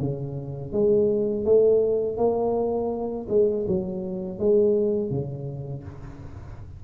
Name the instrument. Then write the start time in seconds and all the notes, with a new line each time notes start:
tuba
0.00 C#3
0.73 G#3
1.45 A3
2.18 A#3
3.30 G#3
3.68 F#3
4.39 G#3
5.11 C#3